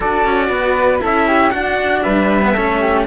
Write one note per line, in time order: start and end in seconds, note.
0.00 0.25 D4
0.00 0.99 F#4
0.00 0.46 A4
0.00 1.02 D5
0.25 0.49 C#4
0.49 1.00 B3
0.49 1.02 B4
0.99 1.54 C#4
0.99 1.50 E4
0.99 1.27 A4
0.99 1.50 E5
1.27 1.52 G4
1.50 2.41 D4
1.50 2.05 D4
1.50 2.03 F#4
1.50 2.01 F#5
2.02 2.56 G3
2.02 2.53 B4
2.02 3.03 E5
2.41 2.54 B3
2.53 3.06 A3
2.53 3.06 C#4
2.53 2.79 A4
2.79 3.05 G4